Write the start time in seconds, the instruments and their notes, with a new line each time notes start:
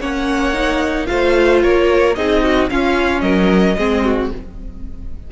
0.00 cello A#3, viola C#4, violin C#5 F#5
0.54 viola D#4
1.06 cello A3, viola F4, violin C5 F5
1.62 cello A#3, violin A#4 C#5
2.14 cello C4, viola D#4, violin G#4 D#5
2.43 violin F#4
2.70 viola C#4, cello C#4, violin F4 F5
3.21 cello F#3, violin A#4 D#5
3.77 cello G#3, viola C4, violin G#4
4.04 violin F#4